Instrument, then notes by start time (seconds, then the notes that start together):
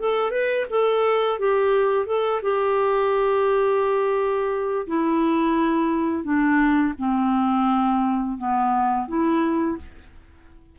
clarinet
0.00 A4
0.31 B4
0.70 A4
1.40 G4
2.07 A4
2.43 G4
4.88 E4
6.24 D4
6.99 C4
8.38 B3
9.08 E4